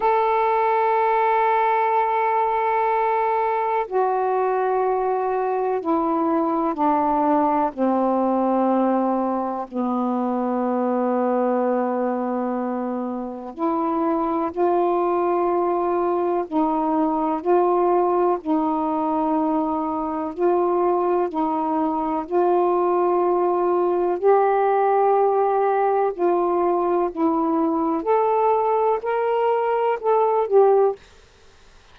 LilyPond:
\new Staff \with { instrumentName = "saxophone" } { \time 4/4 \tempo 4 = 62 a'1 | fis'2 e'4 d'4 | c'2 b2~ | b2 e'4 f'4~ |
f'4 dis'4 f'4 dis'4~ | dis'4 f'4 dis'4 f'4~ | f'4 g'2 f'4 | e'4 a'4 ais'4 a'8 g'8 | }